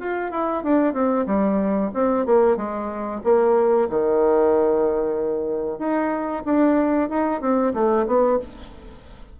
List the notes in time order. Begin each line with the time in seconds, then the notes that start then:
0.00 F4
0.31 E4
0.64 D4
0.94 C4
1.26 G3
1.94 C4
2.26 A#3
2.57 G#3
3.24 A#3
3.89 D#3
5.79 D#4
6.45 D4
7.10 D#4
7.41 C4
7.74 A3
8.07 B3